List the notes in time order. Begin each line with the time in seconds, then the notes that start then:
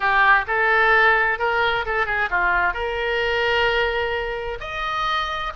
0.00 G4
0.47 A4
1.38 A#4
1.85 A4
2.06 G#4
2.30 F4
2.73 A#4
4.60 D#5